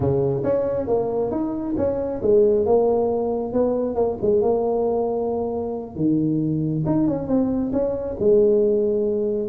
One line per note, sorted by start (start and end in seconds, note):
0.00 0.43 C#3
0.43 0.87 C#4
0.87 1.31 A#3
1.31 1.75 D#4
1.77 2.21 C#4
2.22 2.65 G#3
2.65 3.53 A#3
3.53 3.95 B3
3.95 4.17 A#3
4.21 4.41 G#3
4.41 5.95 A#3
5.95 6.83 D#3
6.86 7.07 D#4
7.07 7.27 C#4
7.27 7.71 C4
7.72 8.16 C#4
8.19 9.48 G#3